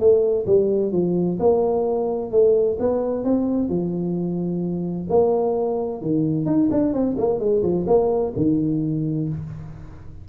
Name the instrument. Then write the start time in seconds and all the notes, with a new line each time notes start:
tuba
0.00 A3
0.46 G3
0.92 F3
1.40 A#3
2.32 A3
2.80 B3
3.25 C4
3.69 F3
5.10 A#3
6.02 D#3
6.46 D#4
6.71 D4
6.94 C4
7.18 A#3
7.40 G#3
7.63 F3
7.87 A#3
8.36 D#3